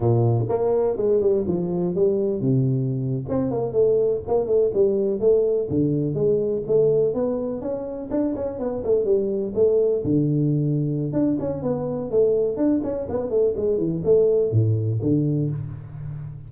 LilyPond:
\new Staff \with { instrumentName = "tuba" } { \time 4/4 \tempo 4 = 124 ais,4 ais4 gis8 g8 f4 | g4 c4.~ c16 c'8 ais8 a16~ | a8. ais8 a8 g4 a4 d16~ | d8. gis4 a4 b4 cis'16~ |
cis'8. d'8 cis'8 b8 a8 g4 a16~ | a8. d2~ d16 d'8 cis'8 | b4 a4 d'8 cis'8 b8 a8 | gis8 e8 a4 a,4 d4 | }